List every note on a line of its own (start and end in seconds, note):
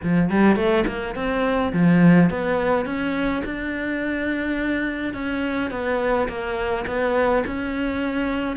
0.03 0.29 F3
0.29 0.56 G3
0.56 0.84 A3
0.87 1.15 A#3
1.15 1.72 C4
1.72 2.30 F3
2.30 2.85 B3
2.85 3.42 C#4
3.44 5.13 D4
5.13 5.70 C#4
5.70 6.28 B3
6.28 6.85 A#3
6.86 7.43 B3
7.46 8.56 C#4